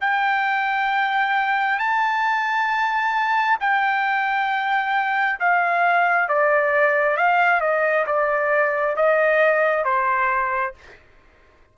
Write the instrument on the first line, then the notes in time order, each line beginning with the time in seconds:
trumpet
0.00 G5
1.78 A5
3.60 G5
5.39 F5
6.28 D5
7.16 F5
7.60 D#5
8.06 D5
8.96 D#5
9.84 C5